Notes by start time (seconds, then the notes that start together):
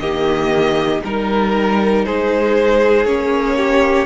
0.00 D#3 A#3 G4 D#5
1.05 G3 D#4 A#4
2.06 G#3 G#4 C5
3.06 A#3 C#4 C#5
3.58 G4